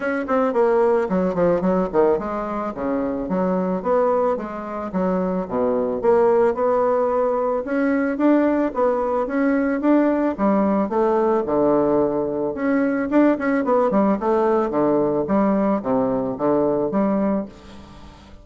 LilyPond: \new Staff \with { instrumentName = "bassoon" } { \time 4/4 \tempo 4 = 110 cis'8 c'8 ais4 fis8 f8 fis8 dis8 | gis4 cis4 fis4 b4 | gis4 fis4 b,4 ais4 | b2 cis'4 d'4 |
b4 cis'4 d'4 g4 | a4 d2 cis'4 | d'8 cis'8 b8 g8 a4 d4 | g4 c4 d4 g4 | }